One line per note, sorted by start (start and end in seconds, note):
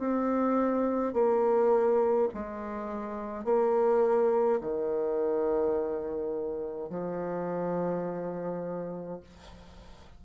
0.00 1.13 C4
1.13 2.29 A#3
2.34 3.45 G#3
3.45 4.60 A#3
4.61 6.90 D#3
6.90 9.21 F3